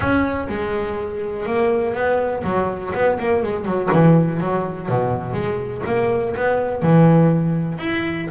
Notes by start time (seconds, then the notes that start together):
0.00 C#4
0.48 G#3
1.46 A#3
1.94 B3
2.44 F#3
2.94 B3
3.19 A#3
3.42 G#3
3.65 F#3
3.92 E3
4.40 F#3
4.88 B2
5.33 G#3
5.86 A#3
6.35 B3
6.82 E3
7.78 E4